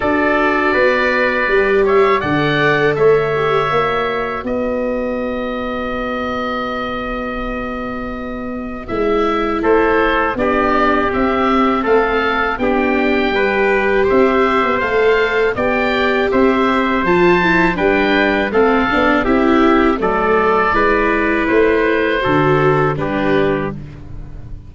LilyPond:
<<
  \new Staff \with { instrumentName = "oboe" } { \time 4/4 \tempo 4 = 81 d''2~ d''8 e''8 fis''4 | e''2 dis''2~ | dis''1 | e''4 c''4 d''4 e''4 |
f''4 g''2 e''4 | f''4 g''4 e''4 a''4 | g''4 f''4 e''4 d''4~ | d''4 c''2 b'4 | }
  \new Staff \with { instrumentName = "trumpet" } { \time 4/4 a'4 b'4. cis''8 d''4 | cis''2 b'2~ | b'1~ | b'4 a'4 g'2 |
a'4 g'4 b'4 c''4~ | c''4 d''4 c''2 | b'4 a'4 g'4 a'4 | b'2 a'4 g'4 | }
  \new Staff \with { instrumentName = "viola" } { \time 4/4 fis'2 g'4 a'4~ | a'8 g'8 fis'2.~ | fis'1 | e'2 d'4 c'4~ |
c'4 d'4 g'2 | a'4 g'2 f'8 e'8 | d'4 c'8 d'8 e'4 a4 | e'2 fis'4 d'4 | }
  \new Staff \with { instrumentName = "tuba" } { \time 4/4 d'4 b4 g4 d4 | a4 ais4 b2~ | b1 | gis4 a4 b4 c'4 |
a4 b4 g4 c'8. b16 | a4 b4 c'4 f4 | g4 a8 b8 c'4 fis4 | gis4 a4 d4 g4 | }
>>